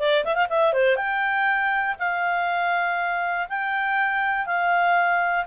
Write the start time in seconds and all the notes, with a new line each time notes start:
0.00 D5
0.25 E5
0.35 F5
0.50 E5
0.73 C5
0.97 G5
2.00 F5
3.50 G5
4.47 F5